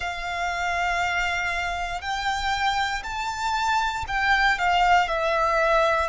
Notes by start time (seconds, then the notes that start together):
0.00 F5
2.01 G5
3.03 A5
4.07 G5
4.58 F5
5.08 E5